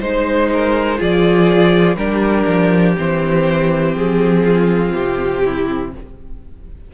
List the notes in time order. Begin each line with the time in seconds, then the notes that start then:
0.00 G#3 D#4 C5
0.53 A#4
0.97 F3 F4 G#4 D5
1.96 G3 D4 G4 A#4
2.47 F3
2.97 E3 C4 C5
3.95 F3 G#4
4.44 F4
4.93 C3 G4
5.44 E4